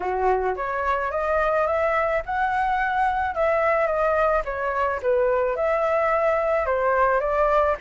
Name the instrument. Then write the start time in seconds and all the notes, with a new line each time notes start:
flute
0.00 F#4
0.56 C#5
1.11 D#5
1.66 E5
2.25 F#5
3.34 E5
3.86 D#5
4.44 C#5
5.02 B4
5.56 E5
6.65 C5
7.20 D5